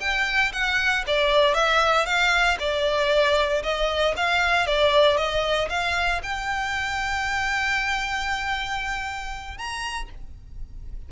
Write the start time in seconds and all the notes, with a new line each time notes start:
0.00 G5
0.52 F#5
1.07 D5
1.54 E5
2.05 F5
2.59 D5
3.63 D#5
4.16 F5
4.66 D5
5.17 D#5
5.69 F5
6.23 G5
9.57 A#5